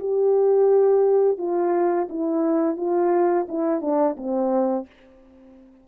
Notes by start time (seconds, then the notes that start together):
0.00 G4
1.39 F4
2.10 E4
2.77 F4
3.49 E4
3.82 D4
4.17 C4